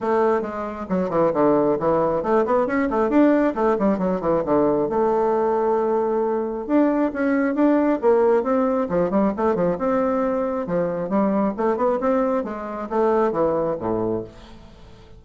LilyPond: \new Staff \with { instrumentName = "bassoon" } { \time 4/4 \tempo 4 = 135 a4 gis4 fis8 e8 d4 | e4 a8 b8 cis'8 a8 d'4 | a8 g8 fis8 e8 d4 a4~ | a2. d'4 |
cis'4 d'4 ais4 c'4 | f8 g8 a8 f8 c'2 | f4 g4 a8 b8 c'4 | gis4 a4 e4 a,4 | }